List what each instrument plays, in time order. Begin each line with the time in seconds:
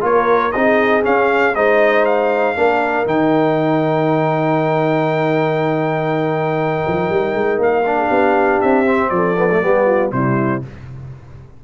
0.00 tuba A#3, trombone F4, horn A#4, trumpet C#5
0.51 tuba C4, trombone D#4, horn G#4, trumpet D#5
1.02 trombone C#4, tuba C#4, trumpet F5
1.55 tuba G#3, trombone D#4, horn C5, trumpet D#5
2.05 trumpet F5
2.55 tuba A#3, trombone D4, horn A#4
3.05 tuba D#3, trombone D#4, trumpet G5
6.87 tuba F3
7.09 tuba G3
7.34 tuba G#3
7.58 tuba A#3, trumpet F5
7.85 trombone D4
7.96 horn G#4
8.07 tuba B3, horn G4
8.60 tuba C4, trumpet E5
8.85 trombone C4
9.09 tuba F3, horn A4, trumpet D5
9.36 trombone B3
9.50 trombone A3
9.61 tuba G3, trombone B3, horn G4
9.86 horn F4
10.11 tuba C3, trombone G3, horn E4, trumpet C5